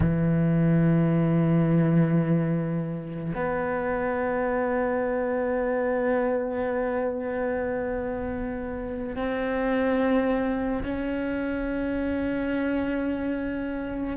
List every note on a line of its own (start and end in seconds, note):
0.00 3.33 E3
3.34 9.16 B3
9.16 10.82 C4
10.83 14.16 C#4